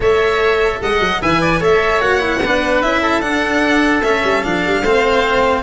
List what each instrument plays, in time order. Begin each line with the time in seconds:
0.00 tuba A3, cello A4, oboe C#5, violin E5
0.81 tuba G#3, oboe D#5, violin F#5
0.99 tuba F#3
1.21 tuba E3, cello B4, oboe E5, violin G#5
1.41 oboe D5
1.59 tuba A3, cello A4, oboe C#5, violin E5
2.00 tuba A#3, cello F#4, violin F#5
2.19 cello E4
2.42 tuba B3, cello D4, oboe B4
2.82 tuba C#4, cello E4, violin E5
3.02 oboe A4
3.21 tuba D4, cello D4, violin F#5
4.01 tuba A3, cello C#4, violin E5
4.23 tuba G3
4.43 tuba F3, cello D4, violin F5
4.66 tuba G3
4.82 tuba A3, cello C4, oboe C5